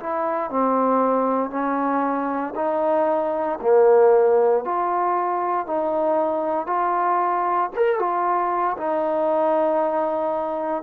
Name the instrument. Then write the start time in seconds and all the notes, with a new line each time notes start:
trombone
0.00 E4
0.50 C4
1.50 C#4
2.56 D#4
3.62 A#3
4.65 F4
5.67 D#4
6.67 F4
7.76 A#4
7.99 F4
8.78 D#4